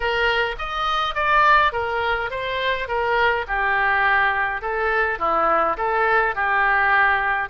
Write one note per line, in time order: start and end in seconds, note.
0.00 0.55 A#4
0.58 1.14 D#5
1.14 1.72 D5
1.72 2.30 A#4
2.30 2.87 C5
2.87 3.45 A#4
3.47 4.61 G4
4.61 5.18 A4
5.18 5.76 E4
5.77 6.35 A4
6.35 7.49 G4